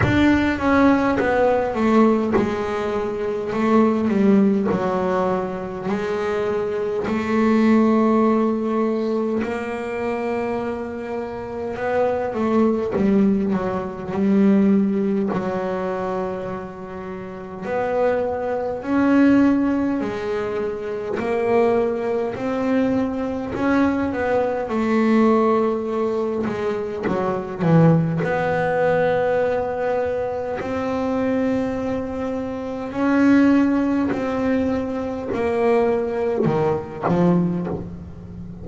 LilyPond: \new Staff \with { instrumentName = "double bass" } { \time 4/4 \tempo 4 = 51 d'8 cis'8 b8 a8 gis4 a8 g8 | fis4 gis4 a2 | ais2 b8 a8 g8 fis8 | g4 fis2 b4 |
cis'4 gis4 ais4 c'4 | cis'8 b8 a4. gis8 fis8 e8 | b2 c'2 | cis'4 c'4 ais4 dis8 f8 | }